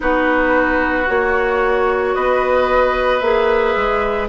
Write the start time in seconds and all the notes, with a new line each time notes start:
0.00 B3 D#4 F#4 B4
1.06 A#3 F#4 C#5
2.15 B3 B4 D#5
3.19 A#3 G#4 E5
3.75 G#3